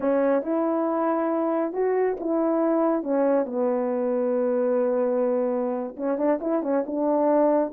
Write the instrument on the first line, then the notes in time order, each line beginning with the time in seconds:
horn
0.00 C#4
0.42 E4
1.73 F#4
2.20 E4
3.03 C#4
3.45 B3
5.96 C#4
6.18 D4
6.41 E4
6.62 C#4
6.86 D4